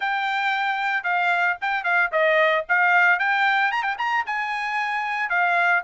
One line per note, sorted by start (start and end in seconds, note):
0.00 1.03 G5
1.03 1.56 F5
1.61 1.83 G5
1.83 2.10 F5
2.11 2.65 D#5
2.69 3.19 F5
3.19 3.71 G5
3.71 3.82 A#5
3.82 3.96 G5
3.98 4.24 A#5
4.26 5.29 G#5
5.29 5.82 F5